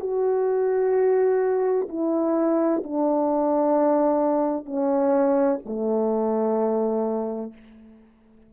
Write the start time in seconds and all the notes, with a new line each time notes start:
0.00 F#4
1.89 E4
2.84 D4
4.65 C#4
5.65 A3